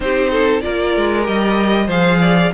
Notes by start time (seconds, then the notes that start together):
0.00 C4 D#4 G4 C5
0.31 A4
0.61 A#3 F4 A#4 D5
0.96 G#3
1.22 G3 G4 D#5
1.86 F3 G#4 C5 F5
2.20 D5